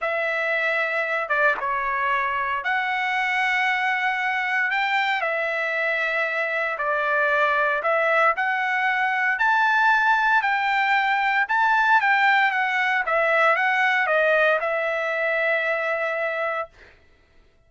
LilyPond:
\new Staff \with { instrumentName = "trumpet" } { \time 4/4 \tempo 4 = 115 e''2~ e''8 d''8 cis''4~ | cis''4 fis''2.~ | fis''4 g''4 e''2~ | e''4 d''2 e''4 |
fis''2 a''2 | g''2 a''4 g''4 | fis''4 e''4 fis''4 dis''4 | e''1 | }